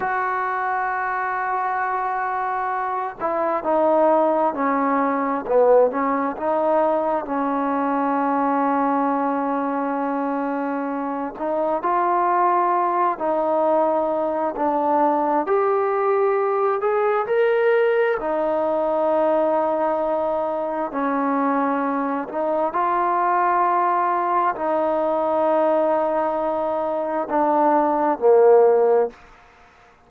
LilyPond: \new Staff \with { instrumentName = "trombone" } { \time 4/4 \tempo 4 = 66 fis'2.~ fis'8 e'8 | dis'4 cis'4 b8 cis'8 dis'4 | cis'1~ | cis'8 dis'8 f'4. dis'4. |
d'4 g'4. gis'8 ais'4 | dis'2. cis'4~ | cis'8 dis'8 f'2 dis'4~ | dis'2 d'4 ais4 | }